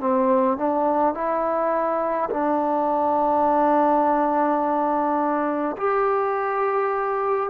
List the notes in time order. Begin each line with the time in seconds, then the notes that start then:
0.00 C4
0.57 D4
1.14 E4
2.30 D4
5.77 G4